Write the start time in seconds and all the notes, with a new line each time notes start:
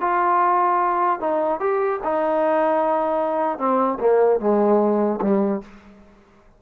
0.00 F4
1.19 D#4
1.59 G4
2.03 D#4
3.58 C4
3.99 A#3
4.39 G#3
5.21 G3